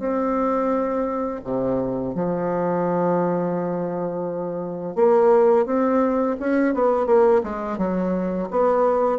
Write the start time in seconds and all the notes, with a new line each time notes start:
0.00 C4
1.45 C3
2.15 F3
4.96 A#3
5.66 C4
6.40 C#4
6.75 B3
7.07 A#3
7.44 G#3
7.78 F#3
8.51 B3